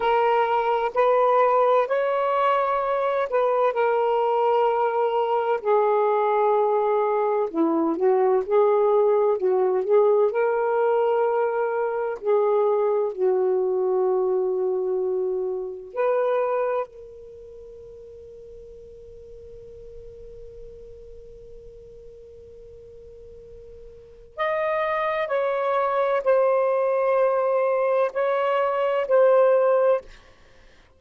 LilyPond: \new Staff \with { instrumentName = "saxophone" } { \time 4/4 \tempo 4 = 64 ais'4 b'4 cis''4. b'8 | ais'2 gis'2 | e'8 fis'8 gis'4 fis'8 gis'8 ais'4~ | ais'4 gis'4 fis'2~ |
fis'4 b'4 ais'2~ | ais'1~ | ais'2 dis''4 cis''4 | c''2 cis''4 c''4 | }